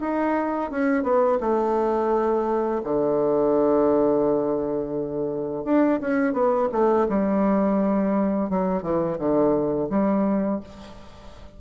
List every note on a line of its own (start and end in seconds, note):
0.00 0.71 D#4
0.71 1.03 C#4
1.03 1.38 B3
1.40 2.81 A3
2.84 5.64 D3
5.64 5.99 D4
6.01 6.33 C#4
6.33 6.68 B3
6.72 7.07 A3
7.09 8.50 G3
8.50 8.82 F#3
8.82 9.18 E3
9.18 9.89 D3
9.90 10.60 G3